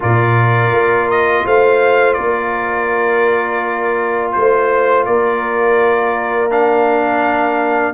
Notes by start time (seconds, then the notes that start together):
0.00 A#2 F4 A#4 D5
0.71 A#3
1.10 D#5
1.45 A3 C5 F5
2.13 A#3 A#4 D5
4.32 A3 C5
5.05 A#3 A#4 D5
6.50 D4 F5